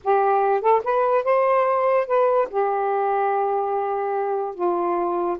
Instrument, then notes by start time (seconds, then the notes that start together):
saxophone
0.04 G4
0.61 A4
0.84 B4
1.24 C5
2.07 B4
2.50 G4
4.54 F4